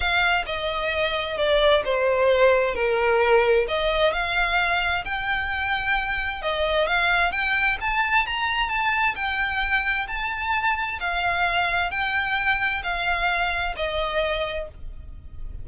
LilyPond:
\new Staff \with { instrumentName = "violin" } { \time 4/4 \tempo 4 = 131 f''4 dis''2 d''4 | c''2 ais'2 | dis''4 f''2 g''4~ | g''2 dis''4 f''4 |
g''4 a''4 ais''4 a''4 | g''2 a''2 | f''2 g''2 | f''2 dis''2 | }